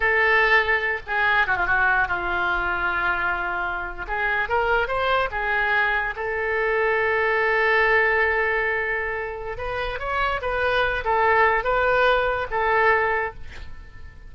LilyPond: \new Staff \with { instrumentName = "oboe" } { \time 4/4 \tempo 4 = 144 a'2~ a'8 gis'4 fis'16 f'16 | fis'4 f'2.~ | f'4.~ f'16 gis'4 ais'4 c''16~ | c''8. gis'2 a'4~ a'16~ |
a'1~ | a'2. b'4 | cis''4 b'4. a'4. | b'2 a'2 | }